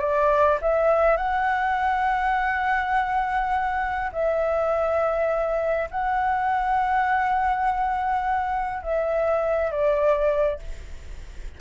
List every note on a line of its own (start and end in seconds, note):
0.00 0.59 D5
0.62 1.17 E5
1.17 4.11 F#5
4.13 5.89 E5
5.91 8.83 F#5
8.83 9.71 E5
9.71 10.60 D5